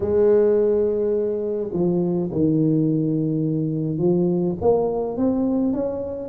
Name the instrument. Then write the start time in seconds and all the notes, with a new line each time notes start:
tuba
0.00 G#3
1.72 F3
2.31 D#3
3.97 F3
4.61 A#3
5.17 C4
5.73 C#4